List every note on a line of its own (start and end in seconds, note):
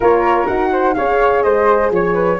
0.00 0.48 A#3
0.00 0.47 F4
0.00 0.70 A#4
0.00 0.46 C#5
0.46 0.97 D#4
0.46 0.95 F#4
0.46 0.94 F#5
0.72 0.96 C5
0.94 1.45 C#4
0.94 2.39 G#4
0.94 1.44 C#5
0.94 1.42 F5
1.42 1.90 G#3
1.42 1.92 C5
1.42 1.90 D#5
1.90 2.38 F3
1.90 2.39 C#5
1.90 2.13 C#5
2.13 2.37 B4